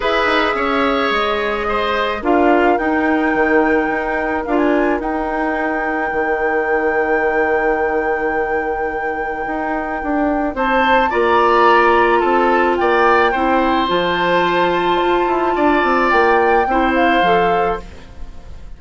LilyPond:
<<
  \new Staff \with { instrumentName = "flute" } { \time 4/4 \tempo 4 = 108 e''2 dis''2 | f''4 g''2. | f''16 gis''8. g''2.~ | g''1~ |
g''2. a''4 | ais''2 a''4 g''4~ | g''4 a''2.~ | a''4 g''4. f''4. | }
  \new Staff \with { instrumentName = "oboe" } { \time 4/4 b'4 cis''2 c''4 | ais'1~ | ais'1~ | ais'1~ |
ais'2. c''4 | d''2 a'4 d''4 | c''1 | d''2 c''2 | }
  \new Staff \with { instrumentName = "clarinet" } { \time 4/4 gis'1 | f'4 dis'2. | f'4 dis'2.~ | dis'1~ |
dis'1 | f'1 | e'4 f'2.~ | f'2 e'4 a'4 | }
  \new Staff \with { instrumentName = "bassoon" } { \time 4/4 e'8 dis'8 cis'4 gis2 | d'4 dis'4 dis4 dis'4 | d'4 dis'2 dis4~ | dis1~ |
dis4 dis'4 d'4 c'4 | ais2 c'4 ais4 | c'4 f2 f'8 e'8 | d'8 c'8 ais4 c'4 f4 | }
>>